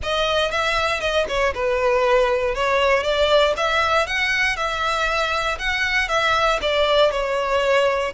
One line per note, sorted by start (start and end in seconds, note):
0.03 0.51 D#5
0.51 1.00 E5
1.00 1.25 D#5
1.28 1.53 C#5
1.54 2.54 B4
2.54 3.03 C#5
3.03 3.54 D5
3.56 4.06 E5
4.06 4.56 F#5
4.56 5.57 E5
5.59 6.08 F#5
6.08 6.59 E5
6.61 7.11 D5
7.11 8.13 C#5